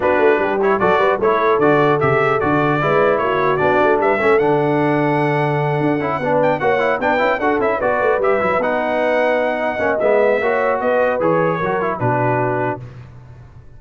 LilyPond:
<<
  \new Staff \with { instrumentName = "trumpet" } { \time 4/4 \tempo 4 = 150 b'4. cis''8 d''4 cis''4 | d''4 e''4 d''2 | cis''4 d''4 e''4 fis''4~ | fis''1 |
g''8 fis''4 g''4 fis''8 e''8 d''8~ | d''8 e''4 fis''2~ fis''8~ | fis''4 e''2 dis''4 | cis''2 b'2 | }
  \new Staff \with { instrumentName = "horn" } { \time 4/4 fis'4 g'4 a'8 b'8 a'4~ | a'2. b'4 | fis'2 b'8 a'4.~ | a'2.~ a'8 b'8~ |
b'8 cis''4 b'4 a'4 b'8~ | b'1 | dis''2 cis''4 b'4~ | b'4 ais'4 fis'2 | }
  \new Staff \with { instrumentName = "trombone" } { \time 4/4 d'4. e'8 fis'4 e'4 | fis'4 g'4 fis'4 e'4~ | e'4 d'4. cis'8 d'4~ | d'2. e'8 d'8~ |
d'8 fis'8 e'8 d'8 e'8 fis'8 e'8 fis'8~ | fis'8 g'8 e'8 dis'2~ dis'8~ | dis'8 cis'8 b4 fis'2 | gis'4 fis'8 e'8 d'2 | }
  \new Staff \with { instrumentName = "tuba" } { \time 4/4 b8 a8 g4 fis8 g8 a4 | d4 cis4 d4 gis4 | ais4 b8 a8 g8 a8 d4~ | d2~ d8 d'8 cis'8 b8~ |
b8 ais4 b8 cis'8 d'8 cis'8 b8 | a8 g8 fis8 b2~ b8~ | b8 ais8 gis4 ais4 b4 | e4 fis4 b,2 | }
>>